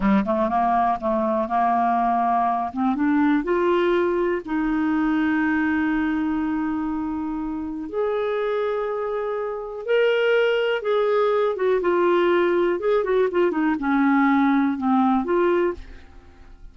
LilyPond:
\new Staff \with { instrumentName = "clarinet" } { \time 4/4 \tempo 4 = 122 g8 a8 ais4 a4 ais4~ | ais4. c'8 d'4 f'4~ | f'4 dis'2.~ | dis'1 |
gis'1 | ais'2 gis'4. fis'8 | f'2 gis'8 fis'8 f'8 dis'8 | cis'2 c'4 f'4 | }